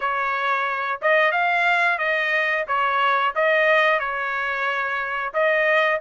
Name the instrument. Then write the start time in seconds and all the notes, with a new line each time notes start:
trumpet
0.00 C#5
1.01 D#5
1.32 F5
1.98 D#5
2.67 C#5
3.35 D#5
3.99 C#5
5.33 D#5